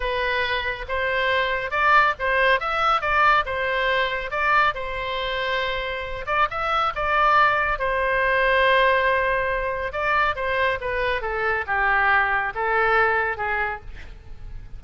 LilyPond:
\new Staff \with { instrumentName = "oboe" } { \time 4/4 \tempo 4 = 139 b'2 c''2 | d''4 c''4 e''4 d''4 | c''2 d''4 c''4~ | c''2~ c''8 d''8 e''4 |
d''2 c''2~ | c''2. d''4 | c''4 b'4 a'4 g'4~ | g'4 a'2 gis'4 | }